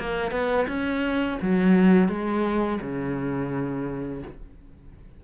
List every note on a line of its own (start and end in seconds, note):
0.00 0.31 A#3
0.31 0.67 B3
0.68 1.39 C#4
1.42 2.09 F#3
2.09 2.79 G#3
2.82 4.23 C#3